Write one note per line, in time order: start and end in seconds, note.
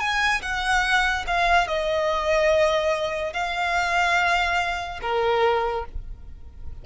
0.00 0.42 G#5
0.42 1.25 F#5
1.27 1.67 F5
1.67 3.33 D#5
3.33 5.00 F5
5.02 5.85 A#4